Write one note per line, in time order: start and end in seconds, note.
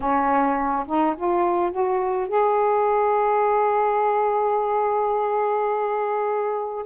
0.00 0.86 C#4
0.86 1.15 D#4
1.16 1.71 F4
1.71 2.28 F#4
2.28 6.85 G#4